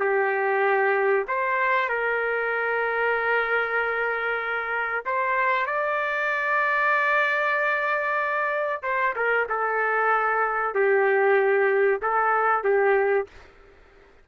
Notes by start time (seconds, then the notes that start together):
0.00 G4
1.28 C5
1.89 A#4
5.06 C5
5.67 D5
8.83 C5
9.16 A#4
9.49 A4
10.75 G4
12.02 A4
12.64 G4